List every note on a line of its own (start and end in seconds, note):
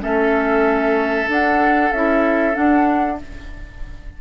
0.00 1.28 A3
0.00 1.26 C#4
0.00 3.17 A4
0.00 1.29 E5
1.28 1.91 D4
1.28 1.92 F#5
1.92 2.55 C#4
1.92 2.53 E4
1.92 2.54 E5
2.53 3.16 D4
2.53 3.21 D4
2.53 3.18 F#5